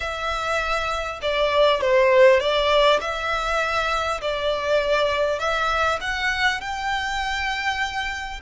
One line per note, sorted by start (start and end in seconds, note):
0.00 1.19 E5
1.22 1.81 D5
1.81 2.39 C5
2.39 2.99 D5
3.01 4.21 E5
4.21 5.39 D5
5.39 5.99 E5
6.01 6.60 F#5
6.60 8.40 G5